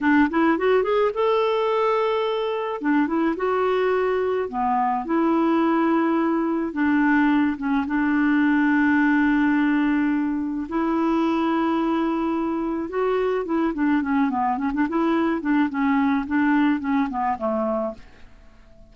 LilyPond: \new Staff \with { instrumentName = "clarinet" } { \time 4/4 \tempo 4 = 107 d'8 e'8 fis'8 gis'8 a'2~ | a'4 d'8 e'8 fis'2 | b4 e'2. | d'4. cis'8 d'2~ |
d'2. e'4~ | e'2. fis'4 | e'8 d'8 cis'8 b8 cis'16 d'16 e'4 d'8 | cis'4 d'4 cis'8 b8 a4 | }